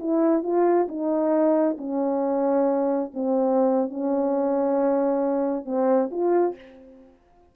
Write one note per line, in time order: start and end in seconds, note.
0.00 0.44 E4
0.44 0.88 F4
0.89 1.78 D#4
1.78 3.12 C#4
3.14 3.90 C4
3.90 5.66 C#4
5.66 6.10 C4
6.12 6.56 F4